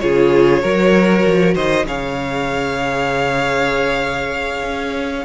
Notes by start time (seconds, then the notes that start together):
0.00 C#3 F4 G#4 C#5
0.62 F#3 F#4 A#4
1.27 F3
1.55 D#3 C5 D#5
1.86 C#3 G#4 C#5 F5
4.64 C#4